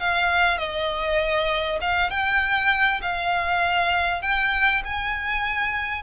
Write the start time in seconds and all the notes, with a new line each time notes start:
0.00 F5
0.58 D#5
1.81 F5
2.10 G5
3.02 F5
4.22 G5
4.85 G#5